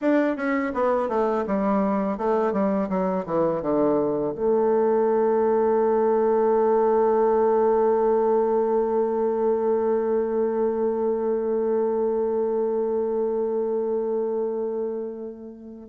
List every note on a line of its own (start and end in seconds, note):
0.01 0.36 D4
0.36 0.72 C#4
0.74 1.08 B3
1.08 1.45 A3
1.46 2.17 G3
2.17 2.52 A3
2.52 2.88 G3
2.89 3.25 F#3
3.26 3.61 E3
3.61 4.34 D3
4.34 15.89 A3